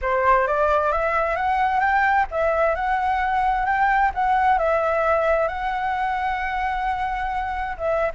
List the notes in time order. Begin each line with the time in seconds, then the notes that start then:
0.01 C5
0.47 D5
0.92 E5
1.35 F#5
1.80 G5
2.31 E5
2.75 F#5
3.65 G5
4.14 F#5
4.58 E5
5.47 F#5
7.77 E5